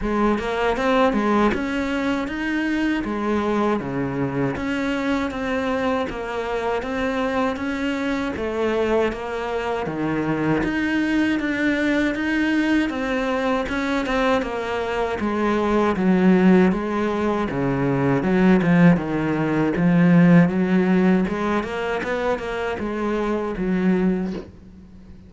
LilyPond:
\new Staff \with { instrumentName = "cello" } { \time 4/4 \tempo 4 = 79 gis8 ais8 c'8 gis8 cis'4 dis'4 | gis4 cis4 cis'4 c'4 | ais4 c'4 cis'4 a4 | ais4 dis4 dis'4 d'4 |
dis'4 c'4 cis'8 c'8 ais4 | gis4 fis4 gis4 cis4 | fis8 f8 dis4 f4 fis4 | gis8 ais8 b8 ais8 gis4 fis4 | }